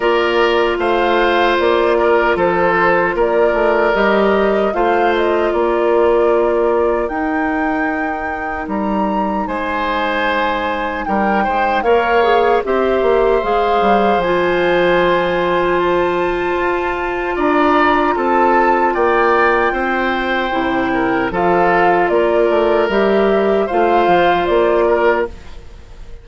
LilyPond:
<<
  \new Staff \with { instrumentName = "flute" } { \time 4/4 \tempo 4 = 76 d''4 f''4 d''4 c''4 | d''4 dis''4 f''8 dis''8 d''4~ | d''4 g''2 ais''4 | gis''2 g''4 f''4 |
e''4 f''4 gis''2 | a''2 ais''4 a''4 | g''2. f''4 | d''4 e''4 f''4 d''4 | }
  \new Staff \with { instrumentName = "oboe" } { \time 4/4 ais'4 c''4. ais'8 a'4 | ais'2 c''4 ais'4~ | ais'1 | c''2 ais'8 c''8 cis''4 |
c''1~ | c''2 d''4 a'4 | d''4 c''4. ais'8 a'4 | ais'2 c''4. ais'8 | }
  \new Staff \with { instrumentName = "clarinet" } { \time 4/4 f'1~ | f'4 g'4 f'2~ | f'4 dis'2.~ | dis'2. ais'8 gis'8 |
g'4 gis'4 f'2~ | f'1~ | f'2 e'4 f'4~ | f'4 g'4 f'2 | }
  \new Staff \with { instrumentName = "bassoon" } { \time 4/4 ais4 a4 ais4 f4 | ais8 a8 g4 a4 ais4~ | ais4 dis'2 g4 | gis2 g8 gis8 ais4 |
c'8 ais8 gis8 g8 f2~ | f4 f'4 d'4 c'4 | ais4 c'4 c4 f4 | ais8 a8 g4 a8 f8 ais4 | }
>>